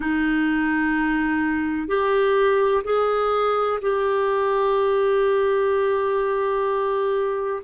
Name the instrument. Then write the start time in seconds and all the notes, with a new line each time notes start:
clarinet
0.00 D#4
1.88 G4
2.84 G#4
3.81 G4